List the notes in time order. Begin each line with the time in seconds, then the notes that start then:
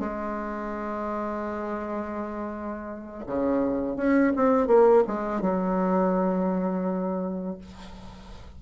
0.00 G#3
3.27 C#3
3.97 C#4
4.36 C4
4.68 A#3
5.07 G#3
5.42 F#3